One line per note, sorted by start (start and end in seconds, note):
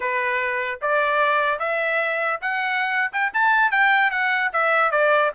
0.00 0.80 B4
0.81 1.59 D5
1.59 2.40 E5
2.41 3.11 F#5
3.12 3.32 G5
3.33 3.71 A5
3.71 4.10 G5
4.10 4.51 F#5
4.52 4.91 E5
4.91 5.31 D5